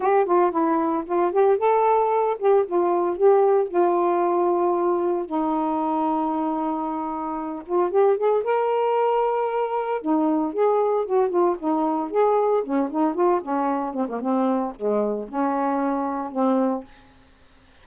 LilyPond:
\new Staff \with { instrumentName = "saxophone" } { \time 4/4 \tempo 4 = 114 g'8 f'8 e'4 f'8 g'8 a'4~ | a'8 g'8 f'4 g'4 f'4~ | f'2 dis'2~ | dis'2~ dis'8 f'8 g'8 gis'8 |
ais'2. dis'4 | gis'4 fis'8 f'8 dis'4 gis'4 | cis'8 dis'8 f'8 cis'4 c'16 ais16 c'4 | gis4 cis'2 c'4 | }